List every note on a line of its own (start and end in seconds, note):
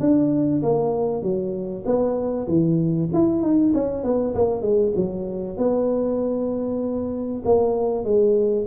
0.00 0.62 D4
0.62 1.22 A#3
1.22 1.84 F#3
1.85 2.47 B3
2.47 3.09 E3
3.13 3.42 E4
3.42 3.73 D#4
3.74 4.03 C#4
4.03 4.34 B3
4.35 4.61 A#3
4.61 4.92 G#3
4.95 5.57 F#3
5.57 7.43 B3
7.45 8.04 A#3
8.04 8.66 G#3